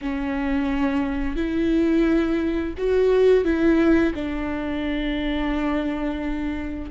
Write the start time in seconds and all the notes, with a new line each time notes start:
0.01 C#4
1.36 E4
2.77 F#4
3.44 E4
4.14 D4